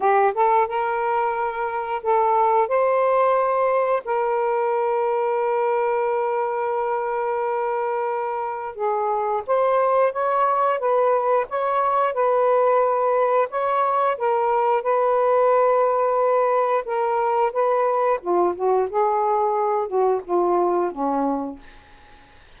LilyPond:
\new Staff \with { instrumentName = "saxophone" } { \time 4/4 \tempo 4 = 89 g'8 a'8 ais'2 a'4 | c''2 ais'2~ | ais'1~ | ais'4 gis'4 c''4 cis''4 |
b'4 cis''4 b'2 | cis''4 ais'4 b'2~ | b'4 ais'4 b'4 f'8 fis'8 | gis'4. fis'8 f'4 cis'4 | }